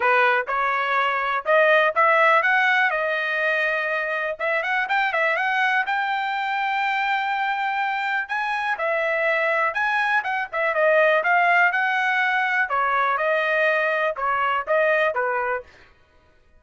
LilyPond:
\new Staff \with { instrumentName = "trumpet" } { \time 4/4 \tempo 4 = 123 b'4 cis''2 dis''4 | e''4 fis''4 dis''2~ | dis''4 e''8 fis''8 g''8 e''8 fis''4 | g''1~ |
g''4 gis''4 e''2 | gis''4 fis''8 e''8 dis''4 f''4 | fis''2 cis''4 dis''4~ | dis''4 cis''4 dis''4 b'4 | }